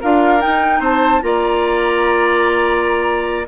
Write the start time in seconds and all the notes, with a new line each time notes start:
0.00 D4 F4 A#4 F5
0.40 D#4 G5
0.80 C4 C5 A5
1.20 A#3 F4 D5 A#5